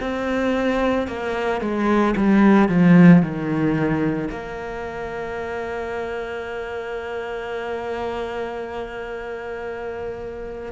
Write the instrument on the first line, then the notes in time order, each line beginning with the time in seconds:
cello
0.00 C4
1.07 A#3
1.61 G#3
2.16 G3
2.68 F3
3.22 D#3
4.30 A#3